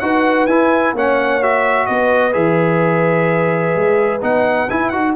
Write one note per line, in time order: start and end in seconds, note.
0.00 0.47 D#4
0.00 0.49 F#4
0.00 0.96 B4
0.00 0.47 F#5
0.47 0.94 E4
0.47 0.96 E4
0.47 0.94 G#5
0.94 1.87 A#3
0.94 1.42 C#4
0.94 1.88 C#5
0.94 1.43 F#5
1.42 2.33 F#4
1.42 1.86 E5
1.86 2.35 B3
1.86 5.16 B4
1.86 2.33 D#5
2.33 3.75 E3
2.33 4.20 G#4
2.33 4.21 E5
3.75 4.22 G#3
4.21 4.69 B3
4.21 4.68 D#4
4.21 4.70 F#5
4.70 4.93 E4
4.70 4.92 E4
4.70 4.89 G#5
4.89 5.16 D#4
4.89 5.16 F#4
4.89 5.13 F#5